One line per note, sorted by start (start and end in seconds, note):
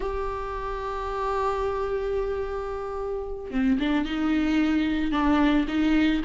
0.00 3.50 G4
3.50 3.77 C4
3.79 4.05 D4
4.05 5.11 D#4
5.11 5.65 D4
5.68 6.22 D#4